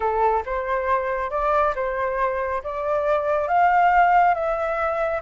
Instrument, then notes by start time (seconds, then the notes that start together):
flute
0.00 A4
0.45 C5
1.30 D5
1.75 C5
2.63 D5
3.47 F5
4.34 E5